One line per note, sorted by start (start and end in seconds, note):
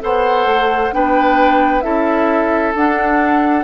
0.00 0.46 B3
0.00 0.91 A4
0.00 0.94 C5
0.00 0.93 F#5
0.46 0.91 A3
0.92 1.84 B3
0.92 1.82 D4
0.92 1.84 B4
0.92 1.81 G5
1.81 2.75 C#4
1.81 2.73 E4
1.81 3.64 A4
1.81 2.72 E5
2.75 3.64 D4
2.75 3.64 F#5